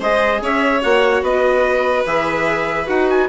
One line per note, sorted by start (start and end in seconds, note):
0.00 0.42 G#3
0.00 0.82 G#4
0.00 0.41 C5
0.00 0.44 D#5
0.42 0.83 C#4
0.42 1.24 C#5
0.42 0.83 E5
0.82 1.22 A#3
0.82 2.05 F#4
0.82 1.24 F#5
1.22 2.04 B3
1.22 3.29 B4
1.22 2.07 D#5
2.06 2.88 E3
2.06 2.87 G#4
2.06 2.89 E5
2.87 3.29 D#4
2.87 3.28 F#4
2.87 3.09 F#5
3.10 3.29 G#5